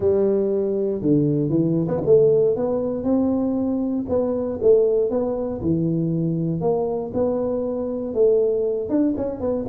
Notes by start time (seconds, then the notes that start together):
0.00 G3
1.01 D3
1.49 E3
1.87 B3
2.05 A3
2.56 B3
3.03 C4
4.08 B3
4.62 A3
5.10 B3
5.61 E3
6.60 A#3
7.13 B3
8.14 A3
8.89 D4
9.16 C#4
9.40 B3